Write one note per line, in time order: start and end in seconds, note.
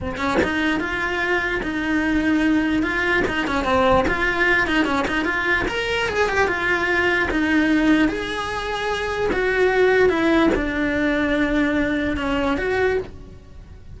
0.01 0.17 C4
0.17 0.37 C#4
0.43 0.80 D#4
0.80 1.61 F4
1.62 2.82 D#4
2.82 3.23 F4
3.27 3.47 D#4
3.47 3.64 C#4
3.64 4.04 C4
4.07 4.67 F4
4.67 4.85 D#4
4.85 5.05 C#4
5.07 5.25 D#4
5.25 5.65 F4
5.68 6.08 A#4
6.08 6.29 G#4
6.29 6.47 G4
6.47 7.28 F4
7.31 8.08 D#4
8.08 9.30 G#4
9.32 10.09 F#4
10.09 10.49 E4
10.54 12.16 D4
12.16 12.57 C#4
12.57 12.98 F#4